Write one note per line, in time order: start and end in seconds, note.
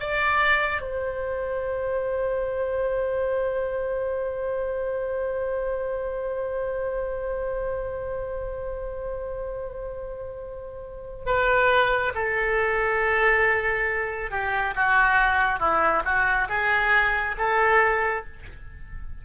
0.00 0.82 D5
0.82 11.26 C5
11.26 12.13 B4
12.15 14.31 A4
14.31 14.75 G4
14.75 15.60 F#4
15.60 16.03 E4
16.05 16.49 F#4
16.49 17.36 G#4
17.38 18.25 A4